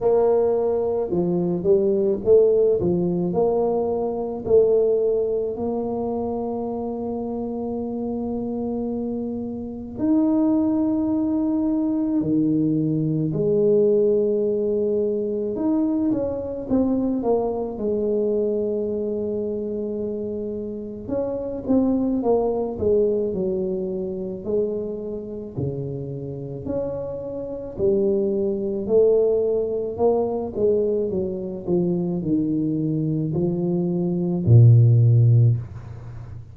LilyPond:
\new Staff \with { instrumentName = "tuba" } { \time 4/4 \tempo 4 = 54 ais4 f8 g8 a8 f8 ais4 | a4 ais2.~ | ais4 dis'2 dis4 | gis2 dis'8 cis'8 c'8 ais8 |
gis2. cis'8 c'8 | ais8 gis8 fis4 gis4 cis4 | cis'4 g4 a4 ais8 gis8 | fis8 f8 dis4 f4 ais,4 | }